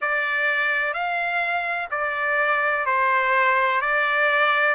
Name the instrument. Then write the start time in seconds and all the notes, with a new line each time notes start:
trumpet
0.01 D5
0.93 F5
1.90 D5
2.86 C5
3.81 D5